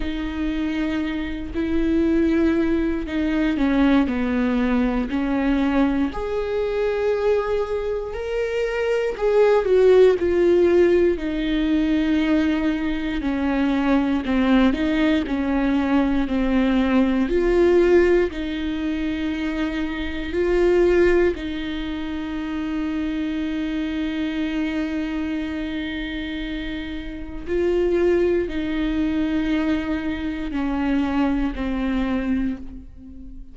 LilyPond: \new Staff \with { instrumentName = "viola" } { \time 4/4 \tempo 4 = 59 dis'4. e'4. dis'8 cis'8 | b4 cis'4 gis'2 | ais'4 gis'8 fis'8 f'4 dis'4~ | dis'4 cis'4 c'8 dis'8 cis'4 |
c'4 f'4 dis'2 | f'4 dis'2.~ | dis'2. f'4 | dis'2 cis'4 c'4 | }